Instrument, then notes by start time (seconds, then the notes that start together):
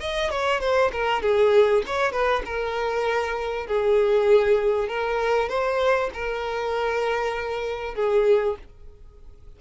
violin
0.00 D#5
0.31 C#5
0.61 C5
0.92 A#4
1.22 G#4
1.87 C#5
2.12 B4
2.45 A#4
3.67 G#4
4.89 A#4
5.49 C5
6.14 A#4
7.95 G#4